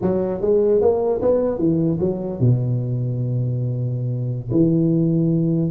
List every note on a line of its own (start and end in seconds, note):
0.01 0.41 F#3
0.41 0.81 G#3
0.81 1.21 A#3
1.21 1.58 B3
1.58 1.98 E3
2.00 2.40 F#3
2.40 4.50 B2
4.51 5.70 E3